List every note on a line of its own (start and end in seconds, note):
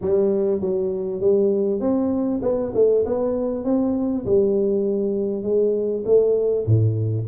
0.01 0.61 G3
0.61 1.20 F#3
1.20 1.80 G3
1.80 2.41 C4
2.42 2.72 B3
2.74 3.04 A3
3.05 3.64 B3
3.64 4.25 C4
4.25 5.42 G3
5.42 6.03 G#3
6.05 6.66 A3
6.66 7.27 A2